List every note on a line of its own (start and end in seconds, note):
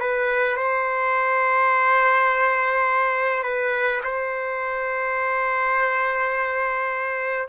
0.00 0.57 B4
0.57 3.44 C5
3.44 4.01 B4
4.04 7.49 C5